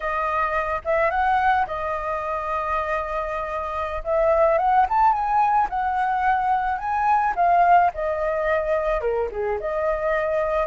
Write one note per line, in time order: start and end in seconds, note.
0.00 0.81 D#5
0.84 1.10 E5
1.10 1.66 F#5
1.66 4.02 D#5
4.04 4.58 E5
4.58 4.85 F#5
4.89 5.12 A5
5.12 5.68 G#5
5.69 6.78 F#5
6.78 7.34 G#5
7.35 7.91 F5
7.94 9.01 D#5
9.01 9.28 A#4
9.31 9.59 G#4
9.60 10.66 D#5